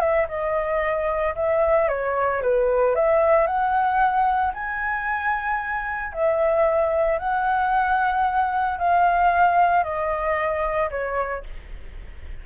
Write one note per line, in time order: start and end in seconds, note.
0.00 0.27 E5
0.29 1.35 D#5
1.35 1.88 E5
1.89 2.42 C#5
2.43 2.95 B4
2.95 3.47 E5
3.47 4.53 F#5
4.54 6.13 G#5
6.13 7.19 E5
7.19 8.79 F#5
8.79 9.84 F5
9.84 10.90 D#5
10.91 11.44 C#5